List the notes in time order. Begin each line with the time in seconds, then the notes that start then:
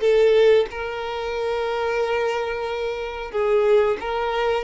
0.00 A4
0.70 A#4
3.31 G#4
4.00 A#4